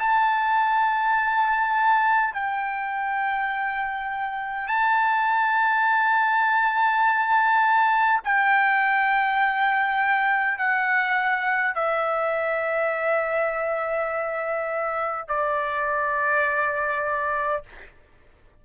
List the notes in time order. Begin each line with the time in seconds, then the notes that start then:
0.00 A5
2.34 G5
4.68 A5
8.25 G5
10.58 F#5
11.75 E5
15.28 D5